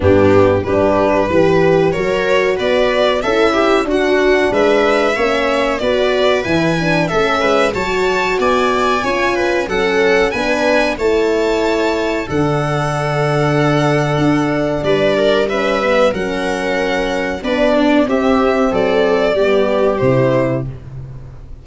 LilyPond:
<<
  \new Staff \with { instrumentName = "violin" } { \time 4/4 \tempo 4 = 93 g'4 b'2 cis''4 | d''4 e''4 fis''4 e''4~ | e''4 d''4 gis''4 e''4 | a''4 gis''2 fis''4 |
gis''4 a''2 fis''4~ | fis''2. d''4 | e''4 fis''2 d''4 | e''4 d''2 c''4 | }
  \new Staff \with { instrumentName = "viola" } { \time 4/4 d'4 g'4 b'4 ais'4 | b'4 a'8 g'8 fis'4 b'4 | cis''4 b'2 a'8 b'8 | cis''4 d''4 cis''8 b'8 a'4 |
b'4 cis''2 a'4~ | a'2. b'8 ais'8 | b'4 ais'2 b'8 d'8 | g'4 a'4 g'2 | }
  \new Staff \with { instrumentName = "horn" } { \time 4/4 b4 d'4 g'4 fis'4~ | fis'4 e'4 d'2 | cis'4 fis'4 e'8 d'8 cis'4 | fis'2 f'4 cis'4 |
d'4 e'2 d'4~ | d'1 | cis'8 b8 cis'2 d'4 | c'2 b4 e'4 | }
  \new Staff \with { instrumentName = "tuba" } { \time 4/4 g,4 g4 e4 fis4 | b4 cis'4 d'4 gis4 | ais4 b4 e4 a8 gis8 | fis4 b4 cis'4 fis4 |
b4 a2 d4~ | d2 d'4 g4~ | g4 fis2 b4 | c'4 fis4 g4 c4 | }
>>